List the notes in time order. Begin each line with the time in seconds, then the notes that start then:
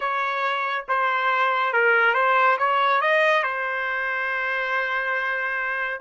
0.00 C#5
0.88 C5
1.73 A#4
2.14 C5
2.58 C#5
3.01 D#5
3.43 C5